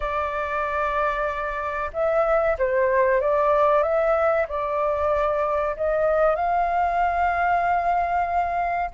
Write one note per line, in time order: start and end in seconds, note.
0.00 1.91 D5
1.93 2.57 E5
2.58 3.20 C5
3.20 3.82 D5
3.82 4.46 E5
4.48 5.76 D5
5.76 6.35 D#5
6.35 8.90 F5